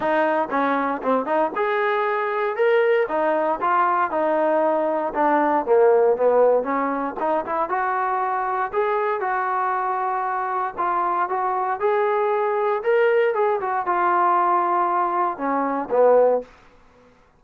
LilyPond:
\new Staff \with { instrumentName = "trombone" } { \time 4/4 \tempo 4 = 117 dis'4 cis'4 c'8 dis'8 gis'4~ | gis'4 ais'4 dis'4 f'4 | dis'2 d'4 ais4 | b4 cis'4 dis'8 e'8 fis'4~ |
fis'4 gis'4 fis'2~ | fis'4 f'4 fis'4 gis'4~ | gis'4 ais'4 gis'8 fis'8 f'4~ | f'2 cis'4 b4 | }